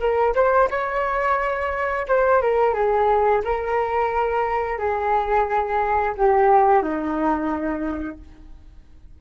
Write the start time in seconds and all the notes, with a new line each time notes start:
0.00 A#4
0.35 C5
0.70 C#5
2.08 C5
2.42 A#4
2.74 G#4
3.44 A#4
4.79 G#4
6.17 G4
6.82 D#4